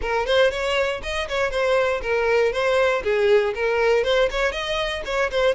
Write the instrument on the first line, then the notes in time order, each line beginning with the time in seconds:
violin
0.01 A#4
0.26 C5
0.50 C#5
1.02 D#5
1.28 C#5
1.51 C5
2.02 A#4
2.52 C5
3.03 G#4
3.54 A#4
4.04 C5
4.31 C#5
4.52 D#5
5.05 C#5
5.30 C5